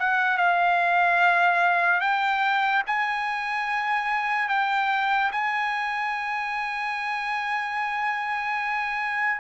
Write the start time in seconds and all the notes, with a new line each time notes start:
0.00 F#5
0.38 F5
2.01 G5
2.87 G#5
4.49 G5
5.32 G#5